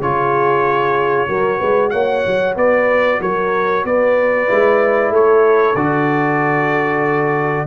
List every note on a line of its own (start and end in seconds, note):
0.00 1.28 C#3
0.00 1.28 F4
0.00 1.29 G#4
0.00 1.90 C#5
1.28 1.60 F#3
1.28 4.47 F#4
1.28 1.58 A#4
1.58 1.93 G#3
1.58 1.90 B4
1.90 2.25 A#3
1.90 2.56 C#5
1.90 2.54 F#5
2.26 2.56 F#3
2.56 3.20 B3
2.56 3.19 B4
2.56 3.21 D5
3.21 3.84 F#3
3.21 3.85 A#4
3.21 3.85 C#5
3.84 4.48 B3
3.84 5.12 B4
3.84 5.14 D5
4.47 5.10 G#3
4.47 5.75 E4
5.10 5.74 A3
5.10 7.67 A4
5.10 5.76 C#5
5.75 7.66 D3
5.75 7.67 F#4
5.75 7.67 D5